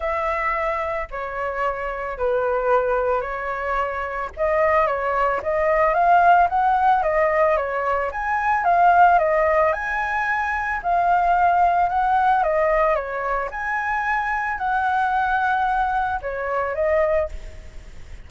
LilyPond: \new Staff \with { instrumentName = "flute" } { \time 4/4 \tempo 4 = 111 e''2 cis''2 | b'2 cis''2 | dis''4 cis''4 dis''4 f''4 | fis''4 dis''4 cis''4 gis''4 |
f''4 dis''4 gis''2 | f''2 fis''4 dis''4 | cis''4 gis''2 fis''4~ | fis''2 cis''4 dis''4 | }